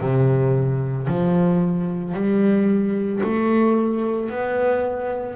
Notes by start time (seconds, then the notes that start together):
0.00 C3
1.07 F3
2.14 G3
3.23 A3
4.30 B3